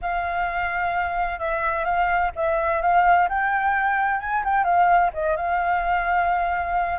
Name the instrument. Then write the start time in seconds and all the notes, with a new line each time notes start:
flute
0.01 F5
1.39 E5
1.84 F5
2.35 E5
2.81 F5
3.28 G5
4.19 G#5
4.44 G5
4.64 F5
5.13 D#5
5.36 F5